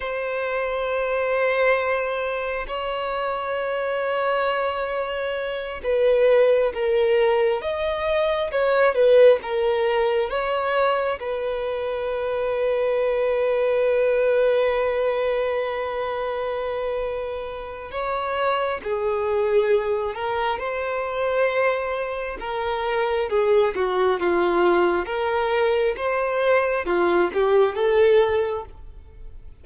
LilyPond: \new Staff \with { instrumentName = "violin" } { \time 4/4 \tempo 4 = 67 c''2. cis''4~ | cis''2~ cis''8 b'4 ais'8~ | ais'8 dis''4 cis''8 b'8 ais'4 cis''8~ | cis''8 b'2.~ b'8~ |
b'1 | cis''4 gis'4. ais'8 c''4~ | c''4 ais'4 gis'8 fis'8 f'4 | ais'4 c''4 f'8 g'8 a'4 | }